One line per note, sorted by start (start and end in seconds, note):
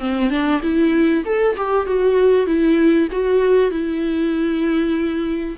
0.00 0.30 C4
0.30 0.61 D4
0.62 1.24 E4
1.25 1.56 A4
1.57 1.86 G4
1.86 2.47 F#4
2.47 3.08 E4
3.12 3.71 F#4
3.71 5.57 E4